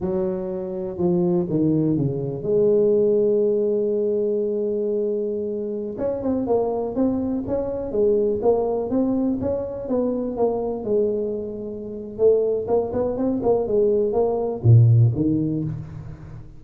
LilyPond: \new Staff \with { instrumentName = "tuba" } { \time 4/4 \tempo 4 = 123 fis2 f4 dis4 | cis4 gis2.~ | gis1~ | gis16 cis'8 c'8 ais4 c'4 cis'8.~ |
cis'16 gis4 ais4 c'4 cis'8.~ | cis'16 b4 ais4 gis4.~ gis16~ | gis4 a4 ais8 b8 c'8 ais8 | gis4 ais4 ais,4 dis4 | }